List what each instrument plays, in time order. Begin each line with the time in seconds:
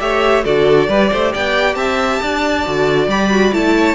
0.00 cello A3, viola G4, violin C#5 E5
0.44 cello D3, viola F#4, violin A4 D5
0.87 cello G3, viola G4, violin B4
1.11 cello A3, violin C5
1.33 cello B3, violin D5 G5
1.75 cello C4, violin E5 A5
2.22 cello D4, violin D5
2.66 cello D3, viola F#4
3.08 cello G3, viola G4, violin B5
3.31 viola F#4
3.53 cello A3, viola E4, violin A5
3.78 violin C#5